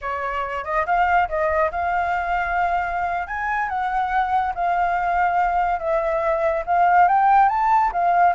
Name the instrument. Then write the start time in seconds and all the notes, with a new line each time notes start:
flute
0.01 C#5
0.64 D#5
0.86 F5
1.28 D#5
1.71 F5
3.27 G#5
3.68 F#5
4.54 F5
5.79 E5
6.66 F5
7.08 G5
7.48 A5
7.92 F5